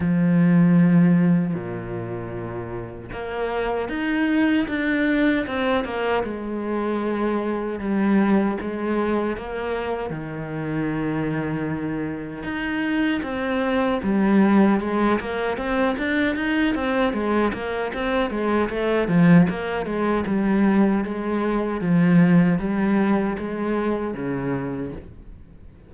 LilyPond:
\new Staff \with { instrumentName = "cello" } { \time 4/4 \tempo 4 = 77 f2 ais,2 | ais4 dis'4 d'4 c'8 ais8 | gis2 g4 gis4 | ais4 dis2. |
dis'4 c'4 g4 gis8 ais8 | c'8 d'8 dis'8 c'8 gis8 ais8 c'8 gis8 | a8 f8 ais8 gis8 g4 gis4 | f4 g4 gis4 cis4 | }